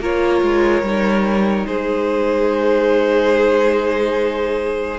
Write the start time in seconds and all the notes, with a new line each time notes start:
0.00 A#3 F4 A#4 C#5
0.42 G#3
0.82 G3 D#4
1.67 G#3 G#4 C5